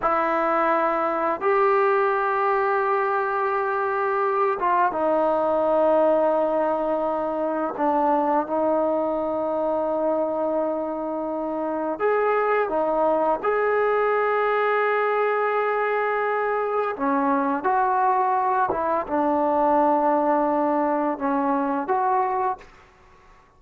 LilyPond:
\new Staff \with { instrumentName = "trombone" } { \time 4/4 \tempo 4 = 85 e'2 g'2~ | g'2~ g'8 f'8 dis'4~ | dis'2. d'4 | dis'1~ |
dis'4 gis'4 dis'4 gis'4~ | gis'1 | cis'4 fis'4. e'8 d'4~ | d'2 cis'4 fis'4 | }